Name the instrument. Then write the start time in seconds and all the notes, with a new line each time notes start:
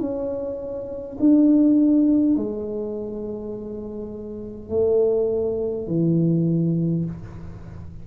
tuba
0.00 C#4
1.20 D4
2.37 G#3
4.70 A3
5.87 E3